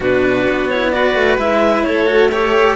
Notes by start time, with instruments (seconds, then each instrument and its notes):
0.00 cello B2 D4, violin F#4, clarinet B4
0.49 cello B3
0.69 cello E4, clarinet C#5
0.90 cello F#4, violin B4, clarinet D5
1.14 cello A3
1.37 cello G#3 E4, clarinet E5
1.83 cello A3, violin A4, clarinet C#5
2.06 cello F#4
2.31 cello G4, clarinet A4, violin C#5